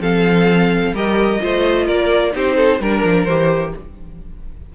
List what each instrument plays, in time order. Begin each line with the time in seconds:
0.00 cello F3, viola C4, violin A4 F5
0.93 cello G3, viola G4, violin A#4 D#5
1.39 cello A3, viola F4, violin C5
1.86 cello A#3, violin A#4 D5
2.32 cello C4, viola D#4, violin G4 C5
2.56 violin A4
2.80 cello G3, viola D4, violin A#4
3.04 cello F3
3.24 cello E3, viola G4, violin C5